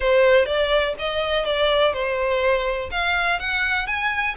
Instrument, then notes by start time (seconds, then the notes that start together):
violin
0.00 C5
0.45 D5
0.99 D#5
1.45 D5
1.93 C5
2.91 F5
3.39 F#5
3.86 G#5